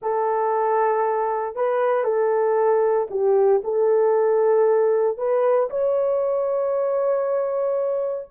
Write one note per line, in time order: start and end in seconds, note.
0.02 1.55 A4
1.55 2.04 B4
2.04 3.07 A4
3.10 3.62 G4
3.63 5.17 A4
5.17 5.69 B4
5.69 8.28 C#5